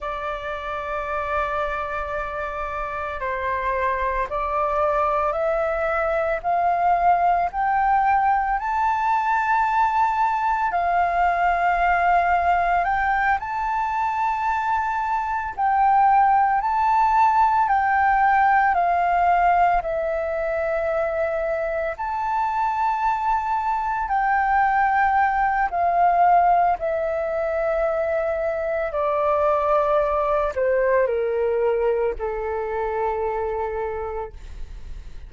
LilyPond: \new Staff \with { instrumentName = "flute" } { \time 4/4 \tempo 4 = 56 d''2. c''4 | d''4 e''4 f''4 g''4 | a''2 f''2 | g''8 a''2 g''4 a''8~ |
a''8 g''4 f''4 e''4.~ | e''8 a''2 g''4. | f''4 e''2 d''4~ | d''8 c''8 ais'4 a'2 | }